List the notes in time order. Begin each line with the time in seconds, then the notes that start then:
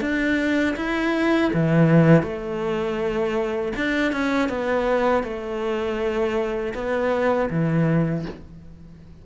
0.00 D4
0.76 E4
1.53 E3
2.22 A3
3.76 D4
4.12 C#4
4.49 B3
5.23 A3
6.74 B3
7.50 E3